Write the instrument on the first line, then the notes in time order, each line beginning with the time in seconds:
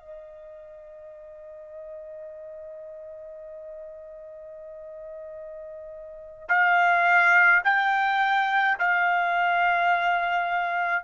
trumpet
0.00 D#5
6.48 F5
7.64 G5
8.79 F5